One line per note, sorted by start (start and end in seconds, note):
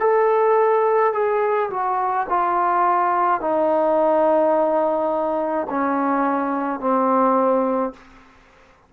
0.00 1.13 A4
1.13 1.69 G#4
1.70 2.27 F#4
2.29 3.41 F4
3.41 5.67 D#4
5.69 6.80 C#4
6.80 7.93 C4